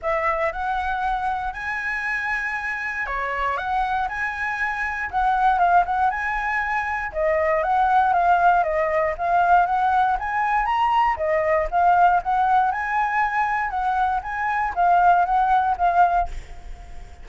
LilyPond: \new Staff \with { instrumentName = "flute" } { \time 4/4 \tempo 4 = 118 e''4 fis''2 gis''4~ | gis''2 cis''4 fis''4 | gis''2 fis''4 f''8 fis''8 | gis''2 dis''4 fis''4 |
f''4 dis''4 f''4 fis''4 | gis''4 ais''4 dis''4 f''4 | fis''4 gis''2 fis''4 | gis''4 f''4 fis''4 f''4 | }